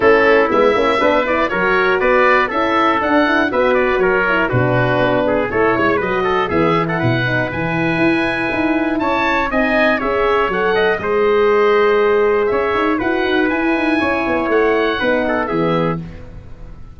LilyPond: <<
  \new Staff \with { instrumentName = "oboe" } { \time 4/4 \tempo 4 = 120 a'4 e''4. d''8 cis''4 | d''4 e''4 fis''4 e''8 d''8 | cis''4 b'2 cis''4 | dis''4 e''8. fis''4~ fis''16 gis''4~ |
gis''2 a''4 gis''4 | e''4 fis''4 dis''2~ | dis''4 e''4 fis''4 gis''4~ | gis''4 fis''2 e''4 | }
  \new Staff \with { instrumentName = "trumpet" } { \time 4/4 e'2 b'4 ais'4 | b'4 a'2 b'4 | ais'4 fis'4. gis'8 a'8 cis''8 | b'8 a'8 gis'8. a'16 b'2~ |
b'2 cis''4 dis''4 | cis''4. dis''8 c''2~ | c''4 cis''4 b'2 | cis''2 b'8 a'8 gis'4 | }
  \new Staff \with { instrumentName = "horn" } { \time 4/4 cis'4 b8 cis'8 d'8 e'8 fis'4~ | fis'4 e'4 d'8 e'8 fis'4~ | fis'8 e'8 d'2 e'4 | fis'4 b8 e'4 dis'8 e'4~ |
e'2. dis'4 | gis'4 a'4 gis'2~ | gis'2 fis'4 e'4~ | e'2 dis'4 b4 | }
  \new Staff \with { instrumentName = "tuba" } { \time 4/4 a4 gis8 ais8 b4 fis4 | b4 cis'4 d'4 b4 | fis4 b,4 b4 a8 gis8 | fis4 e4 b,4 e4 |
e'4 dis'4 cis'4 c'4 | cis'4 fis4 gis2~ | gis4 cis'8 dis'8 e'8 dis'8 e'8 dis'8 | cis'8 b8 a4 b4 e4 | }
>>